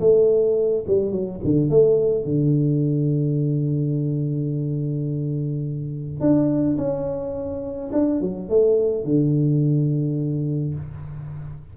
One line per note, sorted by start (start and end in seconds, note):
0.00 0.85 A3
0.87 1.12 G3
1.12 1.40 F#3
1.44 1.70 D3
1.70 2.25 A3
2.25 6.20 D3
6.20 6.77 D4
6.77 7.91 C#4
7.92 8.21 D4
8.21 8.49 F#3
8.49 9.04 A3
9.04 10.74 D3